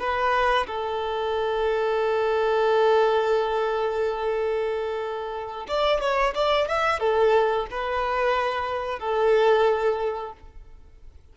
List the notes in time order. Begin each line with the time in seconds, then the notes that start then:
0.00 B4
0.68 A4
5.69 D5
6.01 C#5
6.35 D5
6.68 E5
7.00 A4
7.71 B4
9.00 A4